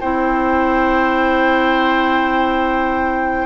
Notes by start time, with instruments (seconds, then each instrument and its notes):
0.00 bassoon C4, clarinet E4, oboe C5, flute G5